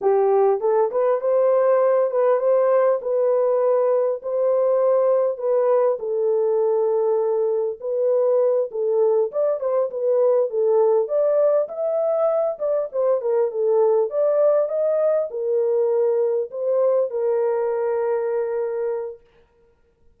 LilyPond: \new Staff \with { instrumentName = "horn" } { \time 4/4 \tempo 4 = 100 g'4 a'8 b'8 c''4. b'8 | c''4 b'2 c''4~ | c''4 b'4 a'2~ | a'4 b'4. a'4 d''8 |
c''8 b'4 a'4 d''4 e''8~ | e''4 d''8 c''8 ais'8 a'4 d''8~ | d''8 dis''4 ais'2 c''8~ | c''8 ais'2.~ ais'8 | }